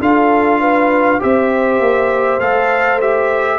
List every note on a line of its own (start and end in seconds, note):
0.00 1.20 D4
0.00 1.20 F4
0.00 0.61 A4
0.00 1.22 F5
0.61 1.21 B4
1.20 1.80 C4
1.20 2.40 G4
1.20 3.60 C5
1.20 2.41 E5
1.80 2.40 A#3
2.40 3.60 A3
2.40 3.00 A4
2.40 3.00 F5
3.01 3.60 G4
3.01 3.60 E5